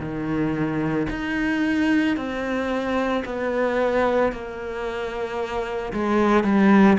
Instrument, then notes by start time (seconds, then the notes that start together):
cello
0.00 D#3
1.10 D#4
2.17 C4
3.25 B3
4.32 A#3
5.93 G#3
6.44 G3